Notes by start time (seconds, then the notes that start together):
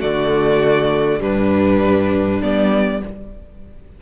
0.00 D3 A3 F#4 D5
1.20 G2 G3 D4 B4
2.43 G3 B3 D5